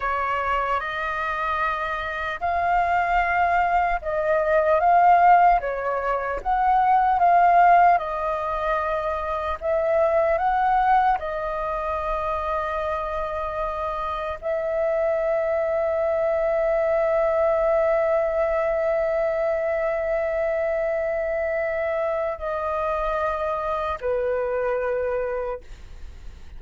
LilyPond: \new Staff \with { instrumentName = "flute" } { \time 4/4 \tempo 4 = 75 cis''4 dis''2 f''4~ | f''4 dis''4 f''4 cis''4 | fis''4 f''4 dis''2 | e''4 fis''4 dis''2~ |
dis''2 e''2~ | e''1~ | e''1 | dis''2 b'2 | }